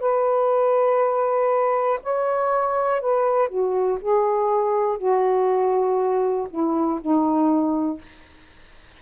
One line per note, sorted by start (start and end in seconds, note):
0.00 2.00 B4
2.03 3.01 C#5
3.01 3.49 B4
3.49 3.99 F#4
4.01 4.98 G#4
4.98 6.48 F#4
6.50 7.00 E4
7.02 8.02 D#4